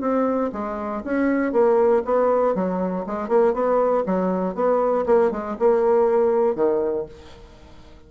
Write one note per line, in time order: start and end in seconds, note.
0.00 0.50 C4
0.52 1.02 G#3
1.04 1.52 C#4
1.52 2.02 A#3
2.04 2.54 B3
2.54 3.05 F#3
3.06 3.28 G#3
3.28 3.53 A#3
3.53 4.04 B3
4.05 4.54 F#3
4.54 5.05 B3
5.06 5.31 A#3
5.31 5.56 G#3
5.59 6.55 A#3
6.55 7.05 D#3